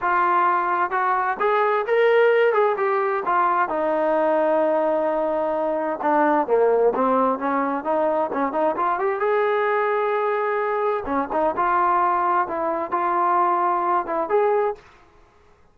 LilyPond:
\new Staff \with { instrumentName = "trombone" } { \time 4/4 \tempo 4 = 130 f'2 fis'4 gis'4 | ais'4. gis'8 g'4 f'4 | dis'1~ | dis'4 d'4 ais4 c'4 |
cis'4 dis'4 cis'8 dis'8 f'8 g'8 | gis'1 | cis'8 dis'8 f'2 e'4 | f'2~ f'8 e'8 gis'4 | }